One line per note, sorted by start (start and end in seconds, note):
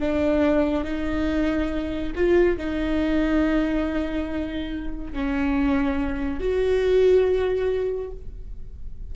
0.00 0.85 D4
0.85 2.13 D#4
2.15 2.58 F4
2.58 5.14 D#4
5.14 6.40 C#4
6.40 8.12 F#4